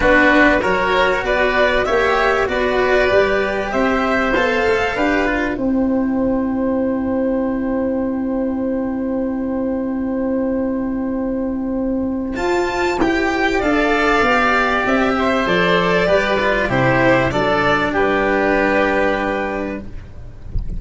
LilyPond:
<<
  \new Staff \with { instrumentName = "violin" } { \time 4/4 \tempo 4 = 97 b'4 cis''4 d''4 e''4 | d''2 e''4 f''4~ | f''4 g''2.~ | g''1~ |
g''1 | a''4 g''4 f''2 | e''4 d''2 c''4 | d''4 b'2. | }
  \new Staff \with { instrumentName = "oboe" } { \time 4/4 fis'4 ais'4 b'4 cis''4 | b'2 c''2 | b'4 c''2.~ | c''1~ |
c''1~ | c''2 d''2~ | d''8 c''4. b'4 g'4 | a'4 g'2. | }
  \new Staff \with { instrumentName = "cello" } { \time 4/4 d'4 fis'2 g'4 | fis'4 g'2 a'4 | g'8 f'8 e'2.~ | e'1~ |
e'1 | f'4 g'4 a'4 g'4~ | g'4 a'4 g'8 f'8 e'4 | d'1 | }
  \new Staff \with { instrumentName = "tuba" } { \time 4/4 b4 fis4 b4 ais4 | b4 g4 c'4 b8 a8 | d'4 c'2.~ | c'1~ |
c'1 | f'4 e'4 d'4 b4 | c'4 f4 g4 c4 | fis4 g2. | }
>>